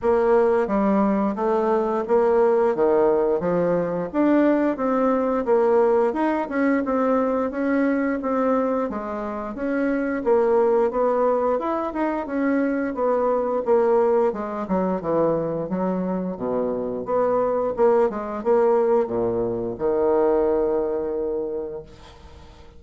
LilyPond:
\new Staff \with { instrumentName = "bassoon" } { \time 4/4 \tempo 4 = 88 ais4 g4 a4 ais4 | dis4 f4 d'4 c'4 | ais4 dis'8 cis'8 c'4 cis'4 | c'4 gis4 cis'4 ais4 |
b4 e'8 dis'8 cis'4 b4 | ais4 gis8 fis8 e4 fis4 | b,4 b4 ais8 gis8 ais4 | ais,4 dis2. | }